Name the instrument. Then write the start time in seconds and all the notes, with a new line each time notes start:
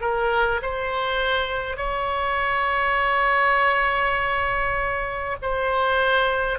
oboe
0.00 A#4
0.62 C5
1.76 C#5
5.42 C5